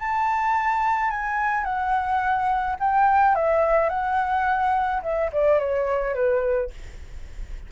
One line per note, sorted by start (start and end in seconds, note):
0.00 1.11 A5
1.11 1.64 G#5
1.64 2.77 F#5
2.80 3.36 G5
3.36 3.90 E5
3.90 5.02 F#5
5.03 5.31 E5
5.33 5.60 D5
5.60 6.15 C#5
6.15 6.71 B4